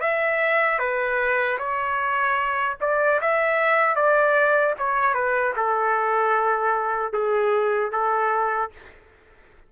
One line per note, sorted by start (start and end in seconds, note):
0.00 0.79 E5
0.79 1.58 B4
1.58 2.77 C#5
2.81 3.20 D5
3.21 3.95 E5
3.95 4.74 D5
4.78 5.14 C#5
5.14 5.53 B4
5.56 7.13 A4
7.13 7.92 G#4
7.92 8.71 A4